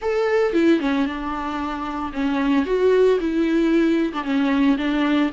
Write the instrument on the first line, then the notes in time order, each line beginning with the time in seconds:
viola
0.01 A4
0.53 E4
0.80 C#4
1.05 D4
2.12 C#4
2.65 F#4
3.20 E4
4.13 D4
4.23 C#4
4.77 D4